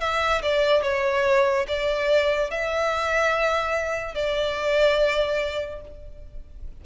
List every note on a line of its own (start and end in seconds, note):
0.00 0.42 E5
0.42 0.83 D5
0.83 1.66 C#5
1.67 2.50 D5
2.50 4.14 E5
4.14 5.81 D5